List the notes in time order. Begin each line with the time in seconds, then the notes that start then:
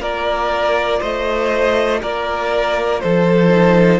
0.00 A#3 F4 A#4 D5
0.99 A3 C5 D#5
2.01 A#3 A#4 D5
3.00 F3 A4 C5
3.50 D#4